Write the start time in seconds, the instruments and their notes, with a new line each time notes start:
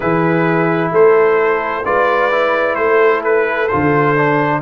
0.00 tuba E3, trombone E4, horn G#4, trumpet B4
0.91 tuba A3, horn A4, trumpet C5
1.84 tuba G#3, trombone F4, horn B4, trumpet D5
2.31 trombone E4
2.75 tuba A3, horn A4, trumpet C5
3.23 trumpet B4
3.67 trombone F4, trumpet C5
3.73 tuba D3
4.16 trombone D4